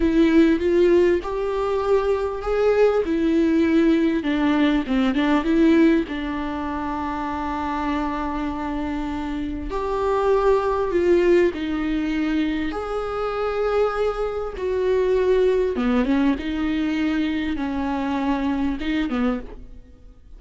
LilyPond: \new Staff \with { instrumentName = "viola" } { \time 4/4 \tempo 4 = 99 e'4 f'4 g'2 | gis'4 e'2 d'4 | c'8 d'8 e'4 d'2~ | d'1 |
g'2 f'4 dis'4~ | dis'4 gis'2. | fis'2 b8 cis'8 dis'4~ | dis'4 cis'2 dis'8 b8 | }